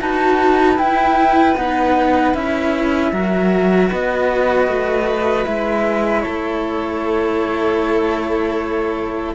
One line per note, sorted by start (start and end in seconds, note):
0.00 0.79 D#4
0.00 0.76 F#4
0.00 3.12 B4
0.00 0.78 A5
0.76 1.54 E4
0.76 1.56 E4
0.76 1.56 G5
1.56 2.34 B3
1.56 2.35 D#4
1.56 2.34 F#5
2.34 3.12 C#4
2.34 3.12 E4
2.34 3.90 E5
3.12 3.90 F#3
3.12 5.45 F#4
3.12 3.89 A#4
3.89 4.68 B3
3.89 6.22 B4
3.89 5.45 D#5
4.68 5.46 A3
5.45 6.25 G#3
5.45 9.34 E4
5.45 6.21 E5
6.21 9.35 A4
6.21 9.33 C#5
6.27 9.35 A3